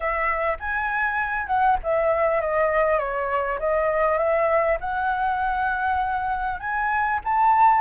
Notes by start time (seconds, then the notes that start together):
0.00 E5
0.59 G#5
1.46 F#5
1.83 E5
2.41 D#5
2.98 C#5
3.59 D#5
4.18 E5
4.80 F#5
6.60 G#5
7.24 A5